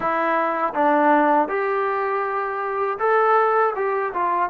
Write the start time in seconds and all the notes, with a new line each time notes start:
0.00 E4
0.74 D4
1.48 G4
2.98 A4
3.75 G4
4.13 F4